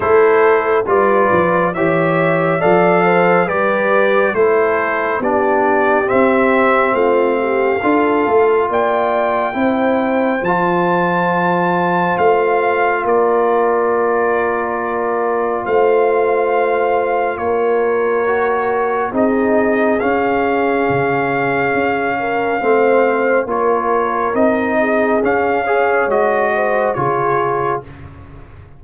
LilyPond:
<<
  \new Staff \with { instrumentName = "trumpet" } { \time 4/4 \tempo 4 = 69 c''4 d''4 e''4 f''4 | d''4 c''4 d''4 e''4 | f''2 g''2 | a''2 f''4 d''4~ |
d''2 f''2 | cis''2 dis''4 f''4~ | f''2. cis''4 | dis''4 f''4 dis''4 cis''4 | }
  \new Staff \with { instrumentName = "horn" } { \time 4/4 a'4 b'4 cis''4 d''8 c''8 | b'4 a'4 g'2 | f'8 g'8 a'4 d''4 c''4~ | c''2. ais'4~ |
ais'2 c''2 | ais'2 gis'2~ | gis'4. ais'8 c''4 ais'4~ | ais'8 gis'4 cis''4 c''8 gis'4 | }
  \new Staff \with { instrumentName = "trombone" } { \time 4/4 e'4 f'4 g'4 a'4 | g'4 e'4 d'4 c'4~ | c'4 f'2 e'4 | f'1~ |
f'1~ | f'4 fis'4 dis'4 cis'4~ | cis'2 c'4 f'4 | dis'4 cis'8 gis'8 fis'4 f'4 | }
  \new Staff \with { instrumentName = "tuba" } { \time 4/4 a4 g8 f8 e4 f4 | g4 a4 b4 c'4 | a4 d'8 a8 ais4 c'4 | f2 a4 ais4~ |
ais2 a2 | ais2 c'4 cis'4 | cis4 cis'4 a4 ais4 | c'4 cis'4 gis4 cis4 | }
>>